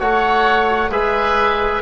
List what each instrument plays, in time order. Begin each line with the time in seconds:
0.00 bassoon A3, trombone F#4, oboe C#5 F#5
0.91 bassoon G#3, trombone G#4, oboe B4 E5